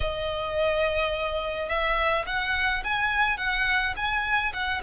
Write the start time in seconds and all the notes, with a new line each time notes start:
0.00 D#5
1.68 E5
2.26 F#5
2.84 G#5
3.37 F#5
3.96 G#5
4.53 F#5